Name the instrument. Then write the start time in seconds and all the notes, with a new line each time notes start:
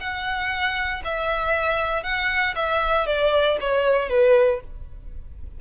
violin
0.00 F#5
1.04 E5
2.03 F#5
2.56 E5
3.07 D5
3.60 C#5
4.09 B4